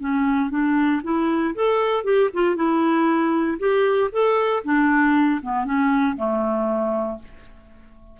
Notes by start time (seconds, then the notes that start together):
0.00 C#4
0.50 D4
1.03 E4
1.55 A4
2.04 G4
2.33 F4
2.55 E4
3.59 G4
4.12 A4
4.64 D4
5.42 B3
5.65 C#4
6.16 A3